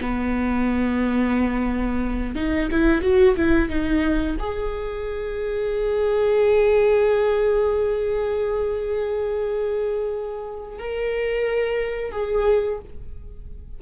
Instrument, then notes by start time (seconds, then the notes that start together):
viola
0.00 B3
2.35 D#4
2.71 E4
3.02 F#4
3.36 E4
3.69 D#4
4.39 G#4
10.78 A#4
12.11 G#4